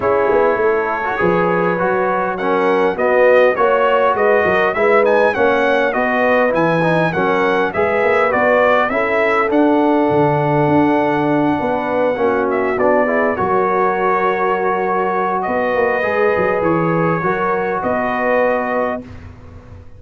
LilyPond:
<<
  \new Staff \with { instrumentName = "trumpet" } { \time 4/4 \tempo 4 = 101 cis''1 | fis''4 dis''4 cis''4 dis''4 | e''8 gis''8 fis''4 dis''4 gis''4 | fis''4 e''4 d''4 e''4 |
fis''1~ | fis''4 e''8 d''4 cis''4.~ | cis''2 dis''2 | cis''2 dis''2 | }
  \new Staff \with { instrumentName = "horn" } { \time 4/4 gis'4 a'4 b'2 | ais'4 fis'4 cis''4 b'8 ais'8 | b'4 cis''4 b'2 | ais'4 b'2 a'4~ |
a'2.~ a'8 b'8~ | b'8 fis'4. gis'8 ais'4.~ | ais'2 b'2~ | b'4 ais'4 b'2 | }
  \new Staff \with { instrumentName = "trombone" } { \time 4/4 e'4.~ e'16 fis'16 gis'4 fis'4 | cis'4 b4 fis'2 | e'8 dis'8 cis'4 fis'4 e'8 dis'8 | cis'4 gis'4 fis'4 e'4 |
d'1~ | d'8 cis'4 d'8 e'8 fis'4.~ | fis'2. gis'4~ | gis'4 fis'2. | }
  \new Staff \with { instrumentName = "tuba" } { \time 4/4 cis'8 b8 a4 f4 fis4~ | fis4 b4 ais4 gis8 fis8 | gis4 ais4 b4 e4 | fis4 gis8 ais8 b4 cis'4 |
d'4 d4 d'4. b8~ | b8 ais4 b4 fis4.~ | fis2 b8 ais8 gis8 fis8 | e4 fis4 b2 | }
>>